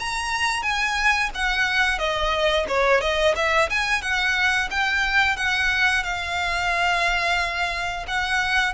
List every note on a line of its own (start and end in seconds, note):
0.00 0.63 A#5
0.63 1.30 G#5
1.35 1.99 F#5
1.99 2.66 D#5
2.68 3.01 C#5
3.01 3.35 D#5
3.36 3.70 E5
3.70 4.02 G#5
4.02 4.69 F#5
4.71 5.37 G5
5.37 6.04 F#5
6.04 8.06 F5
8.08 8.74 F#5